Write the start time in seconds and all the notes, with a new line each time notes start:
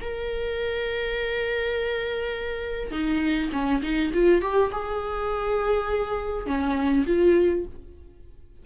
0.00 A#4
2.91 D#4
3.52 C#4
3.82 D#4
4.13 F4
4.41 G4
4.72 G#4
6.46 C#4
7.06 F4